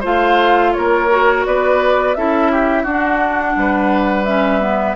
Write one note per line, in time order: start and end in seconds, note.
0.00 0.74 A3
0.00 1.08 F4
0.00 0.71 C5
0.00 0.73 F5
0.73 1.45 A#3
0.73 1.46 A#4
0.73 1.43 C#5
1.09 2.15 F#4
1.45 2.16 B3
1.45 2.17 B4
1.45 2.14 D5
2.14 2.84 C#4
2.14 2.86 E4
2.14 2.51 A4
2.14 2.85 E5
2.51 2.82 G4
2.82 3.55 D4
2.82 4.26 D4
2.82 3.53 F#4
2.82 4.24 F#5
3.55 4.95 G3
3.55 4.95 B4
4.24 4.60 C#4
4.24 4.95 E5
4.60 4.95 B3